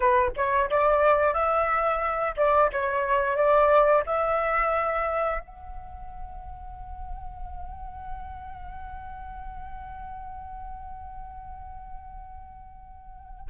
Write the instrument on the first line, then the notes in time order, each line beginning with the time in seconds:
flute
0.00 B4
0.36 C#5
0.70 D5
1.33 E5
2.36 D5
2.72 C#5
3.36 D5
4.05 E5
5.39 F#5